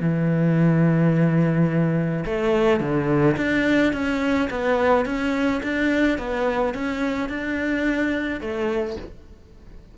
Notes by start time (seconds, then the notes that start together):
0.00 E3
2.25 A3
2.80 D3
3.37 D4
3.93 C#4
4.50 B3
5.05 C#4
5.63 D4
6.18 B3
6.74 C#4
7.29 D4
8.40 A3